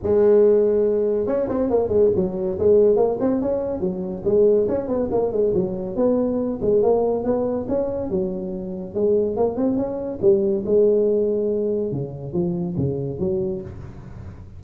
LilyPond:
\new Staff \with { instrumentName = "tuba" } { \time 4/4 \tempo 4 = 141 gis2. cis'8 c'8 | ais8 gis8 fis4 gis4 ais8 c'8 | cis'4 fis4 gis4 cis'8 b8 | ais8 gis8 fis4 b4. gis8 |
ais4 b4 cis'4 fis4~ | fis4 gis4 ais8 c'8 cis'4 | g4 gis2. | cis4 f4 cis4 fis4 | }